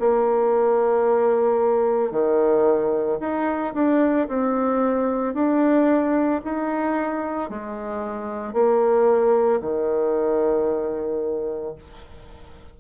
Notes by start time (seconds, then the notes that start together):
0.00 A#3
2.11 D#3
3.20 D#4
3.74 D4
4.28 C4
5.34 D4
6.44 D#4
7.50 G#3
8.53 A#3
9.61 D#3